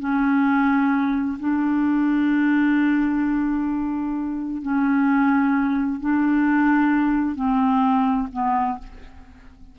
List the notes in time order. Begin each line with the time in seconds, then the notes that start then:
0.00 C#4
1.39 D4
4.62 C#4
6.01 D4
7.35 C4
8.33 B3